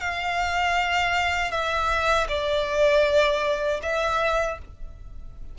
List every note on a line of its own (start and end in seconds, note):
0.00 1.51 F5
1.51 2.26 E5
2.28 3.80 D5
3.82 4.58 E5